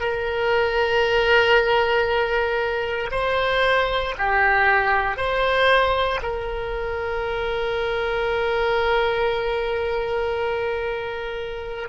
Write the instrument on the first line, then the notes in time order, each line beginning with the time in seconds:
oboe
0.00 A#4
3.11 C5
4.18 G4
5.17 C5
6.23 A#4